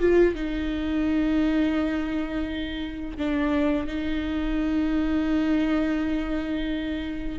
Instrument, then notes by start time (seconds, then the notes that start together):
viola
0.00 F4
0.35 D#4
3.18 D4
3.87 D#4